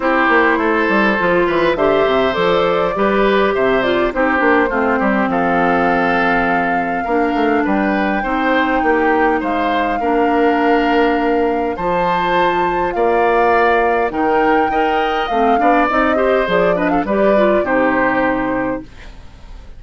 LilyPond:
<<
  \new Staff \with { instrumentName = "flute" } { \time 4/4 \tempo 4 = 102 c''2. e''4 | d''2 e''8 d''8 c''4~ | c''4 f''2.~ | f''4 g''2. |
f''1 | a''2 f''2 | g''2 f''4 dis''4 | d''8 dis''16 f''16 d''4 c''2 | }
  \new Staff \with { instrumentName = "oboe" } { \time 4/4 g'4 a'4. b'8 c''4~ | c''4 b'4 c''4 g'4 | f'8 g'8 a'2. | ais'4 b'4 c''4 g'4 |
c''4 ais'2. | c''2 d''2 | ais'4 dis''4. d''4 c''8~ | c''8 b'16 a'16 b'4 g'2 | }
  \new Staff \with { instrumentName = "clarinet" } { \time 4/4 e'2 f'4 g'4 | a'4 g'4. f'8 dis'8 d'8 | c'1 | d'2 dis'2~ |
dis'4 d'2. | f'1 | dis'4 ais'4 c'8 d'8 dis'8 g'8 | gis'8 d'8 g'8 f'8 dis'2 | }
  \new Staff \with { instrumentName = "bassoon" } { \time 4/4 c'8 ais8 a8 g8 f8 e8 d8 c8 | f4 g4 c4 c'8 ais8 | a8 g8 f2. | ais8 a8 g4 c'4 ais4 |
gis4 ais2. | f2 ais2 | dis4 dis'4 a8 b8 c'4 | f4 g4 c2 | }
>>